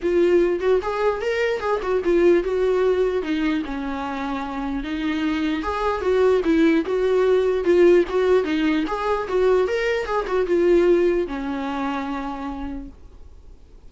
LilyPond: \new Staff \with { instrumentName = "viola" } { \time 4/4 \tempo 4 = 149 f'4. fis'8 gis'4 ais'4 | gis'8 fis'8 f'4 fis'2 | dis'4 cis'2. | dis'2 gis'4 fis'4 |
e'4 fis'2 f'4 | fis'4 dis'4 gis'4 fis'4 | ais'4 gis'8 fis'8 f'2 | cis'1 | }